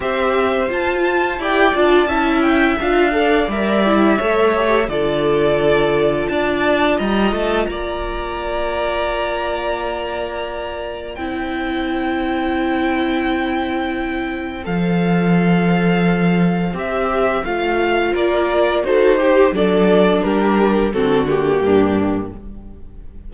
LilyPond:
<<
  \new Staff \with { instrumentName = "violin" } { \time 4/4 \tempo 4 = 86 e''4 a''4 g''8 a''4 g''8 | f''4 e''2 d''4~ | d''4 a''4 ais''8 a''8 ais''4~ | ais''1 |
g''1~ | g''4 f''2. | e''4 f''4 d''4 c''4 | d''4 ais'4 a'8 g'4. | }
  \new Staff \with { instrumentName = "violin" } { \time 4/4 c''2 d''4 e''4~ | e''8 d''4. cis''4 a'4~ | a'4 d''4 dis''4 d''4~ | d''1 |
c''1~ | c''1~ | c''2 ais'4 a'8 g'8 | a'4 g'4 fis'4 d'4 | }
  \new Staff \with { instrumentName = "viola" } { \time 4/4 g'4 f'4 g'8 f'8 e'4 | f'8 a'8 ais'8 e'8 a'8 g'8 f'4~ | f'1~ | f'1 |
e'1~ | e'4 a'2. | g'4 f'2 fis'8 g'8 | d'2 c'8 ais4. | }
  \new Staff \with { instrumentName = "cello" } { \time 4/4 c'4 f'4 e'8 d'8 cis'4 | d'4 g4 a4 d4~ | d4 d'4 g8 a8 ais4~ | ais1 |
c'1~ | c'4 f2. | c'4 a4 ais4 dis'4 | fis4 g4 d4 g,4 | }
>>